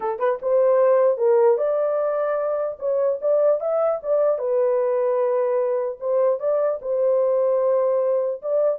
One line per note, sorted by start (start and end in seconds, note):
0.00 0.19 A4
0.19 0.39 B4
0.41 1.17 C5
1.17 1.57 A#4
1.57 2.77 D5
2.79 3.19 C#5
3.21 3.60 D5
3.60 4.00 E5
4.02 4.38 D5
4.38 5.98 B4
6.00 6.39 C5
6.39 6.79 D5
6.81 8.41 C5
8.42 8.79 D5